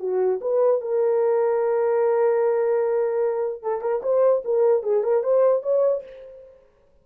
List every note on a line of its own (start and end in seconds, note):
0.00 0.40 F#4
0.42 0.82 B4
0.82 3.63 A#4
3.63 3.82 A4
3.82 4.02 A#4
4.03 4.43 C5
4.45 4.84 A#4
4.84 5.04 G#4
5.04 5.24 A#4
5.24 5.63 C5
5.63 6.03 C#5